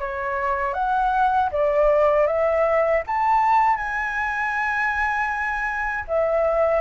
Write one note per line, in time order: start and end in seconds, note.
0.00 0.74 C#5
0.74 1.50 F#5
1.52 2.27 D5
2.27 3.03 E5
3.07 3.77 A5
3.77 6.05 G#5
6.08 6.81 E5